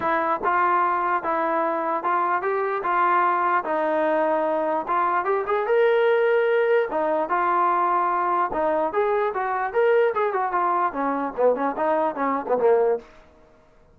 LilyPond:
\new Staff \with { instrumentName = "trombone" } { \time 4/4 \tempo 4 = 148 e'4 f'2 e'4~ | e'4 f'4 g'4 f'4~ | f'4 dis'2. | f'4 g'8 gis'8 ais'2~ |
ais'4 dis'4 f'2~ | f'4 dis'4 gis'4 fis'4 | ais'4 gis'8 fis'8 f'4 cis'4 | b8 cis'8 dis'4 cis'8. b16 ais4 | }